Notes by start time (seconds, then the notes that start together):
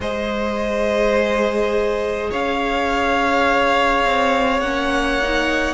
0.00 G#3 G#4 C5 D#5
2.31 C#4 C#5 F5
4.04 C4
4.60 A#3 C#4 F#5
5.22 D#4